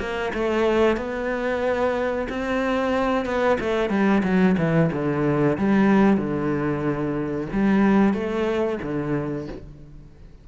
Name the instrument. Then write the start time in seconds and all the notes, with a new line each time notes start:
cello
0.00 A#3
0.34 A3
0.97 B3
2.30 C4
3.26 B3
3.60 A3
3.90 G3
4.24 F#3
4.58 E3
4.92 D3
5.58 G3
6.18 D3
7.53 G3
8.14 A3
8.83 D3